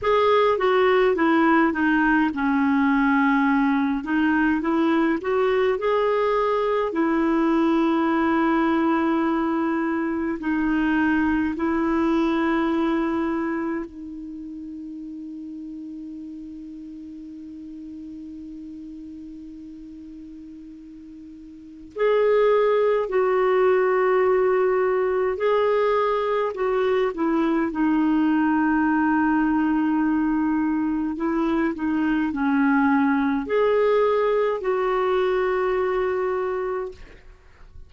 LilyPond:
\new Staff \with { instrumentName = "clarinet" } { \time 4/4 \tempo 4 = 52 gis'8 fis'8 e'8 dis'8 cis'4. dis'8 | e'8 fis'8 gis'4 e'2~ | e'4 dis'4 e'2 | dis'1~ |
dis'2. gis'4 | fis'2 gis'4 fis'8 e'8 | dis'2. e'8 dis'8 | cis'4 gis'4 fis'2 | }